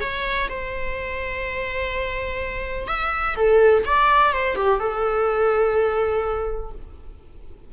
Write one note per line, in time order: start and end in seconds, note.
0.00 0.48 C#5
0.49 2.87 C5
2.87 3.35 E5
3.36 3.84 A4
3.85 4.33 D5
4.33 4.55 C5
4.55 4.79 G4
4.80 6.72 A4